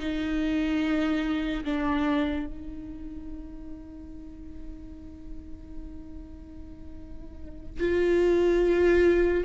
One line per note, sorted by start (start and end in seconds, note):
0.00 1.64 D#4
1.65 2.47 D4
2.47 7.80 D#4
7.80 9.44 F4